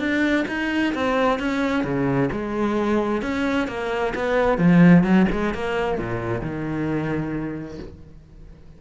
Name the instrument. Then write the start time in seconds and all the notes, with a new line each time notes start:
cello
0.00 D4
0.49 D#4
0.95 C4
1.39 C#4
1.84 C#3
2.33 G#3
3.22 C#4
3.68 A#3
4.15 B3
4.59 F3
5.04 F#3
5.32 G#3
5.55 A#3
5.98 A#2
6.41 D#3